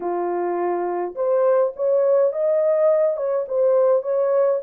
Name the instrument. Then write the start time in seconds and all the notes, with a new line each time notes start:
horn
0.00 F4
1.15 C5
1.76 C#5
2.32 D#5
3.17 C#5
3.47 C5
4.02 C#5